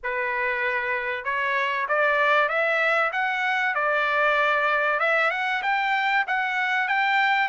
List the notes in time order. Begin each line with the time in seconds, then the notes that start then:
0.03 B4
1.24 C#5
1.88 D5
2.48 E5
3.12 F#5
3.74 D5
4.99 E5
5.30 F#5
5.62 G5
6.27 F#5
6.88 G5